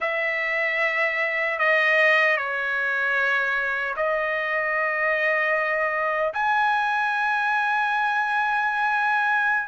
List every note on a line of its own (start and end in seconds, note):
0.00 1.58 E5
1.58 2.36 D#5
2.36 3.94 C#5
3.96 6.33 D#5
6.33 9.67 G#5